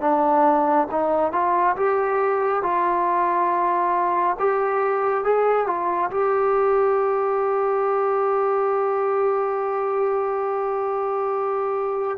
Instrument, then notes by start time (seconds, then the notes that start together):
trombone
0.00 D4
0.91 D#4
1.32 F4
1.76 G4
2.62 F4
4.39 G4
5.24 G#4
5.66 F4
6.10 G4